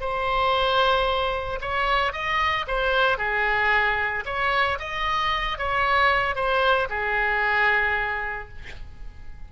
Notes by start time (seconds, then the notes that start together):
0.00 C5
1.61 C#5
2.12 D#5
2.67 C5
3.18 G#4
4.25 C#5
4.79 D#5
5.58 C#5
6.35 C5
6.89 G#4